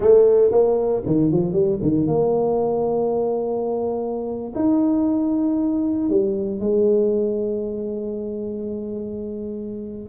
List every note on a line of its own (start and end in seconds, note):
0.00 0.51 A3
0.51 1.03 A#3
1.06 1.31 D#3
1.31 1.52 F3
1.52 1.78 G3
1.82 2.07 D#3
2.07 4.53 A#3
4.55 6.09 D#4
6.09 6.59 G3
6.59 10.09 G#3